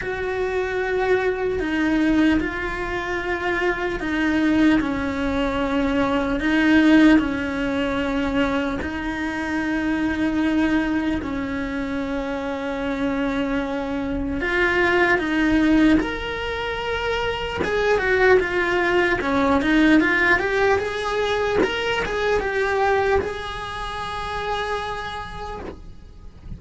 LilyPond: \new Staff \with { instrumentName = "cello" } { \time 4/4 \tempo 4 = 75 fis'2 dis'4 f'4~ | f'4 dis'4 cis'2 | dis'4 cis'2 dis'4~ | dis'2 cis'2~ |
cis'2 f'4 dis'4 | ais'2 gis'8 fis'8 f'4 | cis'8 dis'8 f'8 g'8 gis'4 ais'8 gis'8 | g'4 gis'2. | }